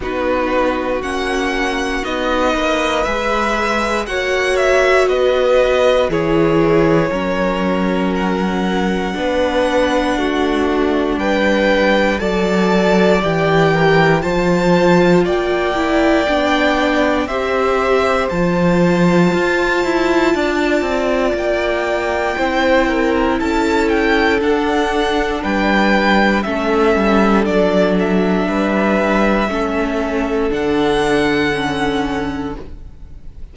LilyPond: <<
  \new Staff \with { instrumentName = "violin" } { \time 4/4 \tempo 4 = 59 b'4 fis''4 dis''4 e''4 | fis''8 e''8 dis''4 cis''2 | fis''2. g''4 | a''4 g''4 a''4 g''4~ |
g''4 e''4 a''2~ | a''4 g''2 a''8 g''8 | fis''4 g''4 e''4 d''8 e''8~ | e''2 fis''2 | }
  \new Staff \with { instrumentName = "violin" } { \time 4/4 fis'2~ fis'8 b'4. | cis''4 b'4 gis'4 ais'4~ | ais'4 b'4 fis'4 b'4 | d''4. ais'8 c''4 d''4~ |
d''4 c''2. | d''2 c''8 ais'8 a'4~ | a'4 b'4 a'2 | b'4 a'2. | }
  \new Staff \with { instrumentName = "viola" } { \time 4/4 dis'4 cis'4 dis'4 gis'4 | fis'2 e'4 cis'4~ | cis'4 d'2. | a'4 g'4 f'4. e'8 |
d'4 g'4 f'2~ | f'2 e'2 | d'2 cis'4 d'4~ | d'4 cis'4 d'4 cis'4 | }
  \new Staff \with { instrumentName = "cello" } { \time 4/4 b4 ais4 b8 ais8 gis4 | ais4 b4 e4 fis4~ | fis4 b4 a4 g4 | fis4 e4 f4 ais4 |
b4 c'4 f4 f'8 e'8 | d'8 c'8 ais4 c'4 cis'4 | d'4 g4 a8 g8 fis4 | g4 a4 d2 | }
>>